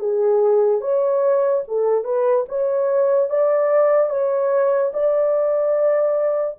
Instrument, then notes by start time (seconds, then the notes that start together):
horn
0.00 G#4
0.81 C#5
1.68 A4
2.05 B4
2.49 C#5
3.30 D5
4.10 C#5
4.94 D5